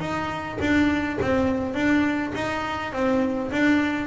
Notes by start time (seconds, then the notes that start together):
0.00 D#4
0.61 D4
1.21 C4
1.74 D4
2.35 D#4
2.93 C4
3.51 D4